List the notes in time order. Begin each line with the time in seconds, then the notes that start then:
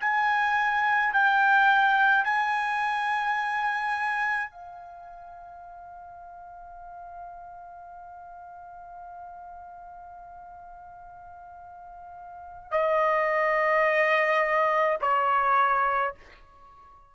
0.00 G#5
1.13 G5
2.24 G#5
4.50 F5
12.70 D#5
15.01 C#5